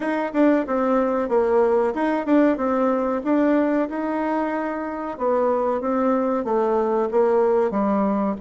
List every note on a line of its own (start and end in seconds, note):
0.00 0.31 D#4
0.33 0.65 D4
0.66 1.28 C4
1.28 1.93 A#3
1.94 2.26 D#4
2.26 2.57 D4
2.57 3.21 C4
3.24 3.88 D4
3.89 5.18 D#4
5.18 5.81 B3
5.81 6.44 C4
6.44 7.08 A3
7.11 7.70 A#3
7.70 8.35 G3